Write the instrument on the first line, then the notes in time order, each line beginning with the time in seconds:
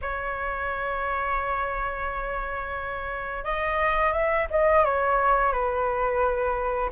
flute
0.01 C#5
3.44 D#5
4.12 E5
4.50 D#5
4.84 C#5
5.52 B4